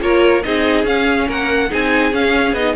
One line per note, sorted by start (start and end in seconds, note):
0.00 0.44 A#3
0.00 0.42 F4
0.00 0.45 A#4
0.00 0.43 C#5
0.43 0.84 C4
0.43 0.85 D#4
0.43 1.27 G#4
0.43 0.85 D#5
0.84 1.26 C#4
0.84 1.70 C#4
0.84 1.29 F5
1.27 1.71 A#3
1.27 1.70 A#4
1.27 1.73 F#5
1.70 2.13 C4
1.70 2.12 D#4
1.70 2.76 G#4
1.70 2.14 G#5
2.12 2.54 C#4
2.12 2.53 C#4
2.12 2.55 F5
2.53 2.74 B3
2.53 2.76 D#4
2.53 2.76 D#5